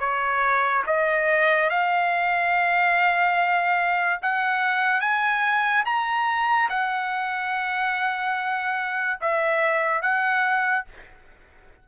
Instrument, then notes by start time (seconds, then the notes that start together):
trumpet
0.00 C#5
0.87 D#5
1.70 F5
4.22 F#5
5.01 G#5
5.86 A#5
6.70 F#5
9.21 E5
10.02 F#5